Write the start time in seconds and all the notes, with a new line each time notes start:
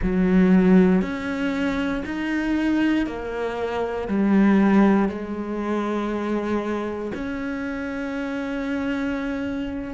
0.02 F#3
1.01 C#4
2.05 D#4
3.06 A#3
4.08 G3
5.08 G#3
7.14 C#4